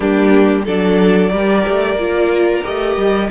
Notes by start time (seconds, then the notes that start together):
0.00 G3 A#3 D4 G4
0.64 F#3 D4 A4 D5
1.31 G3 G4 A#4
1.68 A3
1.95 A#3 F4
2.63 A3 G4 D#5
2.96 G3